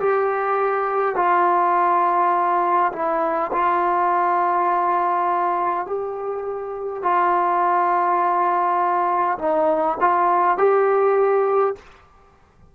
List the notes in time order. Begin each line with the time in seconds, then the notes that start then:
0.00 G4
1.16 F4
2.93 E4
3.52 F4
5.87 G4
7.03 F4
9.39 D#4
10.01 F4
10.58 G4